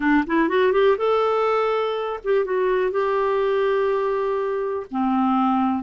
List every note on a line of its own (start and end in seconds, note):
0.00 0.24 D4
0.26 0.49 E4
0.49 0.72 F#4
0.72 0.96 G4
0.97 2.19 A4
2.24 2.44 G4
2.44 2.91 F#4
2.91 4.86 G4
4.90 5.83 C4